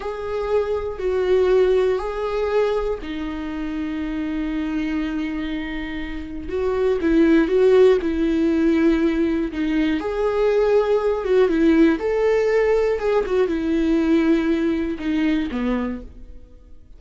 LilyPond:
\new Staff \with { instrumentName = "viola" } { \time 4/4 \tempo 4 = 120 gis'2 fis'2 | gis'2 dis'2~ | dis'1~ | dis'4 fis'4 e'4 fis'4 |
e'2. dis'4 | gis'2~ gis'8 fis'8 e'4 | a'2 gis'8 fis'8 e'4~ | e'2 dis'4 b4 | }